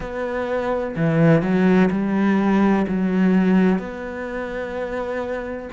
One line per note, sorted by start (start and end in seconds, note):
0.00 0.95 B3
0.96 1.42 E3
1.42 1.89 F#3
1.90 2.86 G3
2.87 3.78 F#3
3.78 5.69 B3